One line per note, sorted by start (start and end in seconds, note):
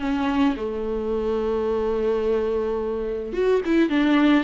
0.00 0.56 C#4
0.57 3.33 A3
3.33 3.61 F#4
3.65 3.90 E4
3.90 4.44 D4